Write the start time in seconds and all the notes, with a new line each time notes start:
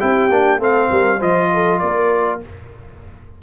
0.00 C4 E4 G4 G5
0.29 A#3 D4
0.58 A3 C4 A4 F5
0.90 G3 A#4
1.18 F3 F4 C5 D#5
1.53 A4
1.79 A#3 A#4 D5